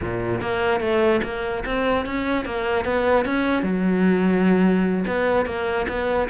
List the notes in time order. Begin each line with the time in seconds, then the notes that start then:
0.01 A#2
0.41 A#3
0.80 A3
1.23 A#3
1.65 C4
2.05 C#4
2.45 A#3
2.85 B3
3.25 C#4
3.62 F#3
5.06 B3
5.45 A#3
5.88 B3